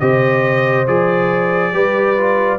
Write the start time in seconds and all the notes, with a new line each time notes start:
0.00 C3 G4 C5 D#5
0.87 F3 G#4 D5
1.73 G3 G4 B4
2.17 F4